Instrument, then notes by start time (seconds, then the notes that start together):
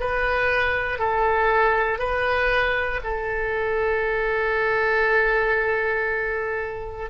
oboe
0.00 B4
0.99 A4
1.99 B4
3.04 A4